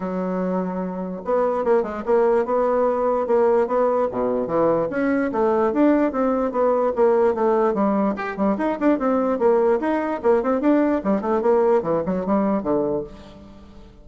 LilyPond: \new Staff \with { instrumentName = "bassoon" } { \time 4/4 \tempo 4 = 147 fis2. b4 | ais8 gis8 ais4 b2 | ais4 b4 b,4 e4 | cis'4 a4 d'4 c'4 |
b4 ais4 a4 g4 | g'8 g8 dis'8 d'8 c'4 ais4 | dis'4 ais8 c'8 d'4 g8 a8 | ais4 e8 fis8 g4 d4 | }